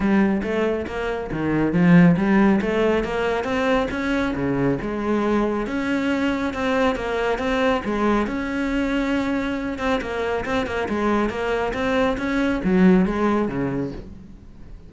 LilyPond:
\new Staff \with { instrumentName = "cello" } { \time 4/4 \tempo 4 = 138 g4 a4 ais4 dis4 | f4 g4 a4 ais4 | c'4 cis'4 cis4 gis4~ | gis4 cis'2 c'4 |
ais4 c'4 gis4 cis'4~ | cis'2~ cis'8 c'8 ais4 | c'8 ais8 gis4 ais4 c'4 | cis'4 fis4 gis4 cis4 | }